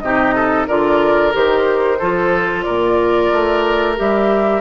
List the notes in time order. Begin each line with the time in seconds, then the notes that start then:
0.00 C3 D#4 G4 D#5
0.35 A4
0.68 D3 F4 A#4 D5
1.32 D#3 G4 C5
1.99 F3 F4 A4
2.63 A#2 A#4 D5
3.33 A3
3.96 G3 G4 E5